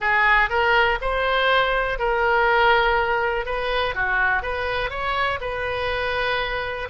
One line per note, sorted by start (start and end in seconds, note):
0.00 0.49 G#4
0.49 0.99 A#4
1.01 1.99 C5
1.99 3.45 A#4
3.45 3.94 B4
3.94 4.42 F#4
4.42 4.90 B4
4.90 5.39 C#5
5.40 6.88 B4